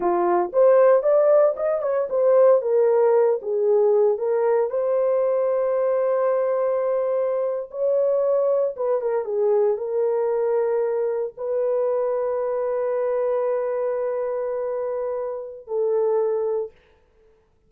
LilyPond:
\new Staff \with { instrumentName = "horn" } { \time 4/4 \tempo 4 = 115 f'4 c''4 d''4 dis''8 cis''8 | c''4 ais'4. gis'4. | ais'4 c''2.~ | c''2~ c''8. cis''4~ cis''16~ |
cis''8. b'8 ais'8 gis'4 ais'4~ ais'16~ | ais'4.~ ais'16 b'2~ b'16~ | b'1~ | b'2 a'2 | }